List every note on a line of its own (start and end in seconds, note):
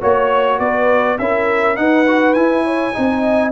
0.00 0.59 A#3
0.00 1.18 F#4
0.00 0.59 C#5
0.59 1.18 B3
0.59 1.19 B4
0.59 1.18 D5
1.18 1.77 C#4
1.18 1.75 E4
1.18 1.78 A#4
1.18 1.76 E5
1.75 2.05 D#4
1.75 2.35 D#4
1.75 2.64 B4
1.75 2.33 F#5
2.07 2.36 F#4
2.33 2.94 E4
2.33 2.93 E4
2.33 3.51 G#5
2.64 2.94 C#5
2.93 3.51 C4
2.93 3.51 D#4
2.93 3.51 D#5